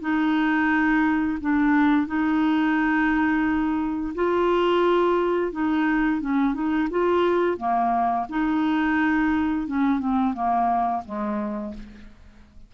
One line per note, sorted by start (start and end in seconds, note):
0.00 1.38 D#4
1.40 2.07 D4
2.07 4.13 D#4
4.14 5.52 F4
5.52 6.20 D#4
6.20 6.54 C#4
6.54 6.88 D#4
6.90 7.57 F4
7.57 8.26 A#3
8.29 9.67 D#4
9.67 9.99 C#4
9.99 10.33 C4
10.33 11.02 A#3
11.05 11.74 G#3